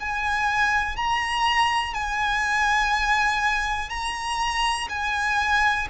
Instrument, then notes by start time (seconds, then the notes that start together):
violin
0.00 G#5
0.96 A#5
1.94 G#5
3.89 A#5
4.89 G#5